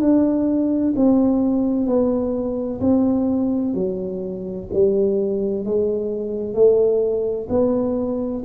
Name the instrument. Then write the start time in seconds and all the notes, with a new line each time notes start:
tuba
0.00 D4
0.96 C4
1.87 B3
2.81 C4
3.74 F#3
4.73 G3
5.65 G#3
6.54 A3
7.50 B3